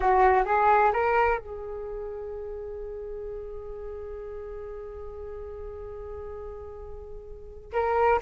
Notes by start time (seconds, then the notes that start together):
0.00 F#4
0.45 G#4
0.93 A#4
1.38 G#4
7.72 A#4